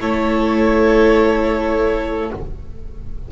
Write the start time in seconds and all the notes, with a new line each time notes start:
0.00 A3 E4 A4 C#5